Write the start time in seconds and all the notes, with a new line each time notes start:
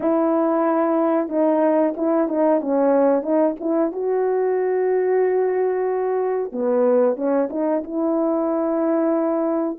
0.00 E4
1.28 D#4
1.96 E4
2.28 D#4
2.60 C#4
3.22 D#4
3.60 E4
3.92 F#4
6.52 B3
7.16 C#4
7.50 D#4
7.83 E4